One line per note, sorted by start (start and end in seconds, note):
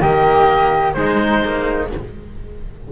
0.00 0.95 D#3
0.00 0.97 A#3
0.00 0.94 G4
0.00 0.93 D#5
0.93 1.90 G#3
0.93 1.91 D#4
0.93 1.87 C5
0.99 1.44 G#3
1.44 1.91 A#3